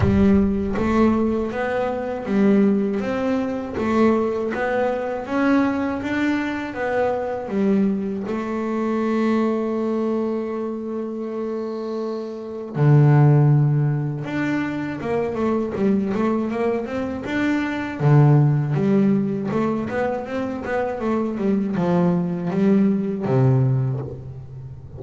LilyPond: \new Staff \with { instrumentName = "double bass" } { \time 4/4 \tempo 4 = 80 g4 a4 b4 g4 | c'4 a4 b4 cis'4 | d'4 b4 g4 a4~ | a1~ |
a4 d2 d'4 | ais8 a8 g8 a8 ais8 c'8 d'4 | d4 g4 a8 b8 c'8 b8 | a8 g8 f4 g4 c4 | }